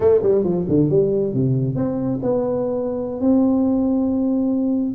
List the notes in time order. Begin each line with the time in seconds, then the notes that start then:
0.00 A3
0.22 G3
0.44 F3
0.68 D3
0.89 G3
1.33 C3
1.75 C4
2.22 B3
3.20 C4